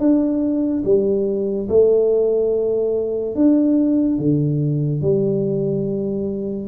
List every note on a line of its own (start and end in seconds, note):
0.00 0.83 D4
0.85 1.69 G3
1.69 3.36 A3
3.36 4.19 D4
4.19 5.02 D3
5.02 6.69 G3